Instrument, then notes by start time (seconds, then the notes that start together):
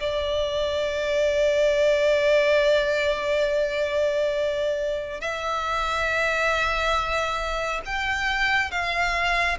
violin
0.00 D5
5.21 E5
7.86 G5
8.71 F5